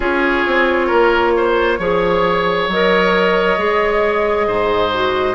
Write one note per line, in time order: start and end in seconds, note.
0.00 0.45 C#4
0.00 1.78 F4
0.00 0.86 G#4
0.00 2.69 C#5
0.46 0.90 C4
0.86 1.79 A#3
0.86 1.31 A#4
1.36 1.79 C5
1.79 2.67 F3
1.79 2.69 G#4
1.79 4.47 C#5
2.67 3.57 F#3
2.67 3.57 A#4
2.67 5.34 D#5
3.57 4.47 G#3
3.57 4.92 G#4
4.47 5.34 G#2
4.47 5.34 C5
4.93 5.34 F#4